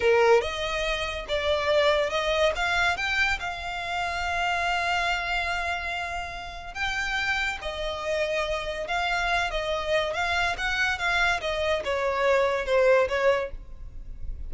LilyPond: \new Staff \with { instrumentName = "violin" } { \time 4/4 \tempo 4 = 142 ais'4 dis''2 d''4~ | d''4 dis''4 f''4 g''4 | f''1~ | f''1 |
g''2 dis''2~ | dis''4 f''4. dis''4. | f''4 fis''4 f''4 dis''4 | cis''2 c''4 cis''4 | }